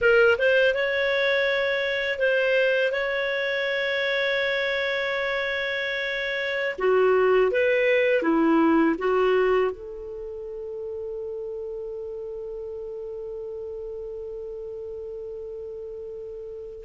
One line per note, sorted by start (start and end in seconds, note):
0.01 0.37 A#4
0.38 0.74 C5
0.74 2.18 C#5
2.18 2.91 C5
2.91 6.75 C#5
6.78 7.51 F#4
7.51 8.22 B4
8.22 8.95 E4
8.98 9.71 F#4
9.71 16.84 A4